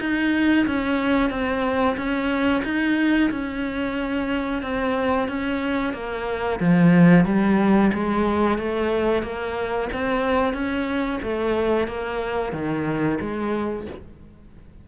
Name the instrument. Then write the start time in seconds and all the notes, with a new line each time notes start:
cello
0.00 D#4
0.66 C#4
1.30 C4
1.96 C#4
2.64 D#4
3.30 C#4
4.62 C4
5.28 C#4
5.93 A#3
6.59 F3
7.25 G3
7.93 G#3
8.58 A3
9.22 A#3
9.93 C4
10.53 C#4
11.22 A3
11.87 A#3
12.52 D#3
13.20 G#3